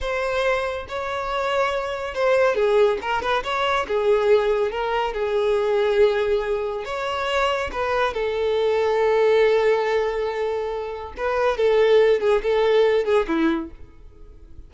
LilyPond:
\new Staff \with { instrumentName = "violin" } { \time 4/4 \tempo 4 = 140 c''2 cis''2~ | cis''4 c''4 gis'4 ais'8 b'8 | cis''4 gis'2 ais'4 | gis'1 |
cis''2 b'4 a'4~ | a'1~ | a'2 b'4 a'4~ | a'8 gis'8 a'4. gis'8 e'4 | }